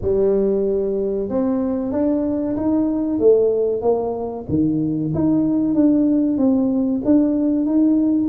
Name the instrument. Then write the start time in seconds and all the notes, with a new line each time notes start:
tuba
0.01 G3
1.29 C4
1.91 D4
2.56 D#4
3.19 A3
3.81 A#3
4.49 D#3
5.14 D#4
5.74 D4
6.37 C4
7.04 D4
7.65 D#4